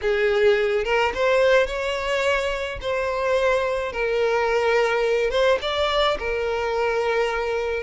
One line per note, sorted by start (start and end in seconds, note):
0.01 0.84 G#4
0.84 1.12 A#4
1.14 1.67 C5
1.67 2.79 C#5
2.81 3.92 C5
3.92 5.30 A#4
5.30 5.58 C5
5.61 6.17 D5
6.19 7.83 A#4